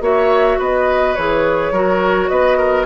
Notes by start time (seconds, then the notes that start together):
0.00 A#3 F#4 C#5 E5
0.58 B3 B4 D#5
1.14 E3 G#4 C#5
1.71 F#3 F#4 A#4
2.28 B3 B4 D#5
2.57 A#4